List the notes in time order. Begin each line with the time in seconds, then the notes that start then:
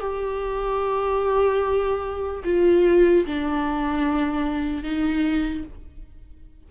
0.00 G4
2.45 F4
3.26 D4
4.83 D#4